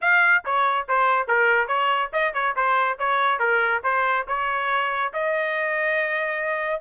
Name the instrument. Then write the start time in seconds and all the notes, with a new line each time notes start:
trumpet
0.01 F5
0.45 C#5
0.88 C5
1.27 A#4
1.67 C#5
2.12 D#5
2.33 C#5
2.56 C5
2.98 C#5
3.39 A#4
3.83 C5
4.27 C#5
5.13 D#5